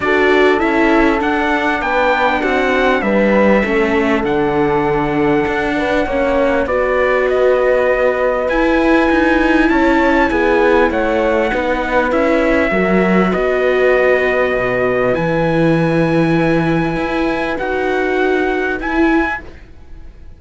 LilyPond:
<<
  \new Staff \with { instrumentName = "trumpet" } { \time 4/4 \tempo 4 = 99 d''4 e''4 fis''4 g''4 | fis''4 e''2 fis''4~ | fis''2. d''4 | dis''2 gis''2 |
a''4 gis''4 fis''2 | e''2 dis''2~ | dis''4 gis''2.~ | gis''4 fis''2 gis''4 | }
  \new Staff \with { instrumentName = "horn" } { \time 4/4 a'2. b'4 | fis'4 b'4 a'2~ | a'4. b'8 cis''4 b'4~ | b'1 |
cis''4 gis'4 cis''4 b'4~ | b'4 ais'4 b'2~ | b'1~ | b'1 | }
  \new Staff \with { instrumentName = "viola" } { \time 4/4 fis'4 e'4 d'2~ | d'2 cis'4 d'4~ | d'2 cis'4 fis'4~ | fis'2 e'2~ |
e'2. dis'4 | e'4 fis'2.~ | fis'4 e'2.~ | e'4 fis'2 e'4 | }
  \new Staff \with { instrumentName = "cello" } { \time 4/4 d'4 cis'4 d'4 b4 | c'4 g4 a4 d4~ | d4 d'4 ais4 b4~ | b2 e'4 dis'4 |
cis'4 b4 a4 b4 | cis'4 fis4 b2 | b,4 e2. | e'4 dis'2 e'4 | }
>>